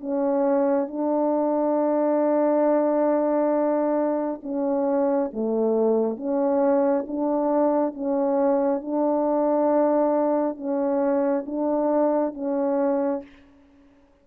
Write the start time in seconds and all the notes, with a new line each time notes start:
0.00 C#4
0.87 D4
4.42 C#4
5.33 A3
6.16 C#4
7.07 D4
7.94 C#4
8.81 D4
10.56 C#4
11.45 D4
12.34 C#4